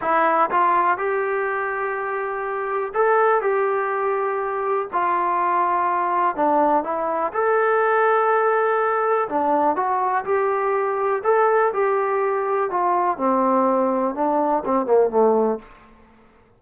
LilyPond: \new Staff \with { instrumentName = "trombone" } { \time 4/4 \tempo 4 = 123 e'4 f'4 g'2~ | g'2 a'4 g'4~ | g'2 f'2~ | f'4 d'4 e'4 a'4~ |
a'2. d'4 | fis'4 g'2 a'4 | g'2 f'4 c'4~ | c'4 d'4 c'8 ais8 a4 | }